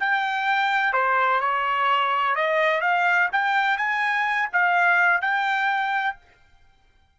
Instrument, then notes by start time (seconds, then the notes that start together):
trumpet
0.00 G5
0.93 C5
1.41 C#5
2.35 D#5
2.82 F5
3.32 G5
3.78 G#5
4.53 F5
5.22 G5